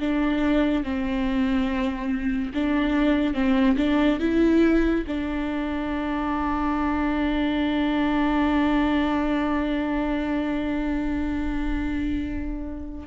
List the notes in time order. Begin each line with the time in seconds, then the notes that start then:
0.00 D4
0.84 C4
2.54 D4
3.34 C4
3.78 D4
4.20 E4
5.07 D4